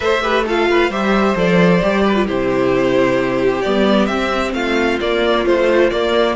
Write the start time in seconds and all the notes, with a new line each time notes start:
0.00 A3 A4 C5 E5
0.22 G4 B4
0.46 F4 A4 F5
0.70 B4
0.89 G3 G4 C5 E5
1.35 F3 A4 D5
1.82 G3 G4
2.04 B4
2.14 F4
2.26 C3 E4 G4 C5
3.61 G3 B3 D5
4.05 C4 E5
4.53 A3 F4 F5
5.00 A#3 D5
5.44 F3 A3 C5
5.90 A#3 D5